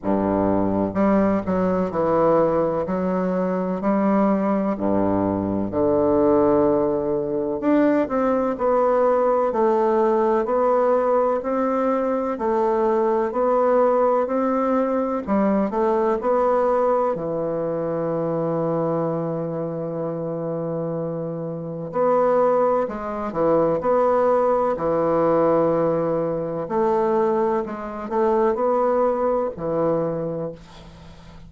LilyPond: \new Staff \with { instrumentName = "bassoon" } { \time 4/4 \tempo 4 = 63 g,4 g8 fis8 e4 fis4 | g4 g,4 d2 | d'8 c'8 b4 a4 b4 | c'4 a4 b4 c'4 |
g8 a8 b4 e2~ | e2. b4 | gis8 e8 b4 e2 | a4 gis8 a8 b4 e4 | }